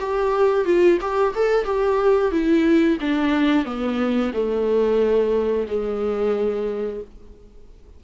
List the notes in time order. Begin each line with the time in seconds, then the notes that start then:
0.00 G4
0.65 F4
1.02 G4
1.35 A4
1.65 G4
2.32 E4
3.01 D4
3.65 B3
4.34 A3
5.68 G#3